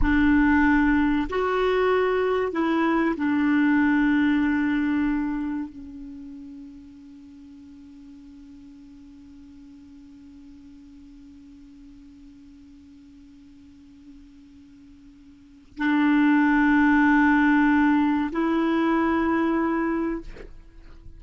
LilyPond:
\new Staff \with { instrumentName = "clarinet" } { \time 4/4 \tempo 4 = 95 d'2 fis'2 | e'4 d'2.~ | d'4 cis'2.~ | cis'1~ |
cis'1~ | cis'1~ | cis'4 d'2.~ | d'4 e'2. | }